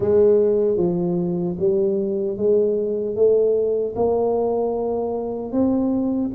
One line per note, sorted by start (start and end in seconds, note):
0.00 0.77 G#3
0.77 1.56 F3
1.58 2.37 G3
2.37 3.15 G#3
3.15 3.94 A3
3.95 5.52 A#3
5.52 6.31 C4